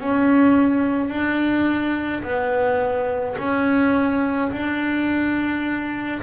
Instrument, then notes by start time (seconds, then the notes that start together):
double bass
0.00 C#4
1.10 D4
2.23 B3
3.39 C#4
4.52 D4